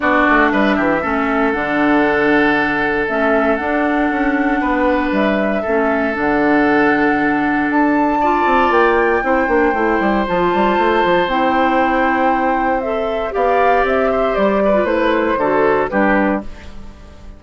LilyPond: <<
  \new Staff \with { instrumentName = "flute" } { \time 4/4 \tempo 4 = 117 d''4 e''2 fis''4~ | fis''2 e''4 fis''4~ | fis''2 e''2 | fis''2. a''4~ |
a''4 g''2. | a''2 g''2~ | g''4 e''4 f''4 e''4 | d''4 c''2 b'4 | }
  \new Staff \with { instrumentName = "oboe" } { \time 4/4 fis'4 b'8 g'8 a'2~ | a'1~ | a'4 b'2 a'4~ | a'1 |
d''2 c''2~ | c''1~ | c''2 d''4. c''8~ | c''8 b'4. a'4 g'4 | }
  \new Staff \with { instrumentName = "clarinet" } { \time 4/4 d'2 cis'4 d'4~ | d'2 cis'4 d'4~ | d'2. cis'4 | d'1 |
f'2 e'8 d'8 e'4 | f'2 e'2~ | e'4 a'4 g'2~ | g'8. f'16 e'4 fis'4 d'4 | }
  \new Staff \with { instrumentName = "bassoon" } { \time 4/4 b8 a8 g8 e8 a4 d4~ | d2 a4 d'4 | cis'4 b4 g4 a4 | d2. d'4~ |
d'8 c'8 ais4 c'8 ais8 a8 g8 | f8 g8 a8 f8 c'2~ | c'2 b4 c'4 | g4 a4 d4 g4 | }
>>